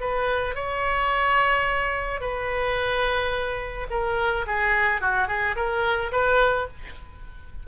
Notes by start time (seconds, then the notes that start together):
0.00 B4
0.55 C#5
2.20 B4
3.90 A#4
4.46 G#4
5.01 F#4
5.28 G#4
5.56 A#4
6.11 B4